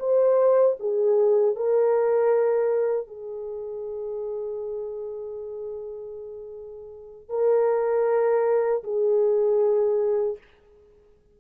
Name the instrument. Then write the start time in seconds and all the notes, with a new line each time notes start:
horn
0.00 C5
0.80 G#4
1.56 A#4
3.08 G#4
7.30 A#4
8.84 G#4